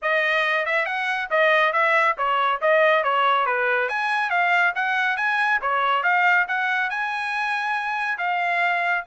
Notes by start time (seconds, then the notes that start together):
0.02 D#5
0.65 E5
0.85 F#5
1.30 D#5
1.72 E5
2.17 C#5
2.61 D#5
3.03 C#5
3.46 B4
3.88 G#5
4.30 F5
4.75 F#5
5.16 G#5
5.61 C#5
6.03 F5
6.48 F#5
6.89 G#5
8.18 F5